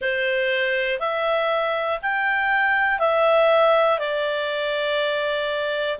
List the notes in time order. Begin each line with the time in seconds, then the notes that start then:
0.00 C5
1.00 E5
2.02 G5
2.99 E5
3.99 D5